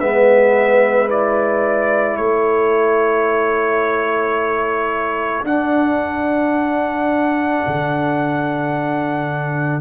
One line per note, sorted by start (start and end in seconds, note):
0.00 2.18 G#3
0.00 1.09 B3
0.00 2.18 B4
0.00 1.09 E5
1.09 5.45 E4
1.09 2.17 D5
2.17 5.44 A3
2.17 9.81 A4
2.17 5.45 C#5
5.44 7.62 D4
5.44 9.82 D4
5.44 9.82 F#5
7.67 9.82 D3